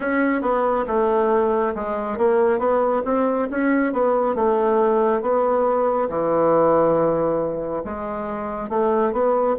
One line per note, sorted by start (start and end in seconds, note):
0.00 0.41 C#4
0.41 0.85 B3
0.87 1.74 A3
1.74 2.17 G#3
2.17 2.58 A#3
2.58 3.02 B3
3.04 3.48 C4
3.50 3.92 C#4
3.92 4.35 B3
4.35 5.21 A3
5.21 6.08 B3
6.09 7.83 E3
7.84 8.69 G#3
8.69 9.12 A3
9.12 9.55 B3